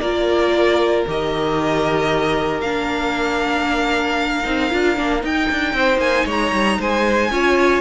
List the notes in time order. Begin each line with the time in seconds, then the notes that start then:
0.00 A#3 F4 A#4 D5
1.07 D#3 G4 D#5
2.61 A#3 D4 F5
4.44 C4 D#4
4.71 D4 F4
4.96 A#3 D4
5.20 D#4 G5
5.51 D4
5.73 C4 C5
5.97 A#3 G#5
6.25 G#3 C#5 A#5
6.52 G3
6.79 G#3 C5 G#5
7.31 C#4 F4 C#5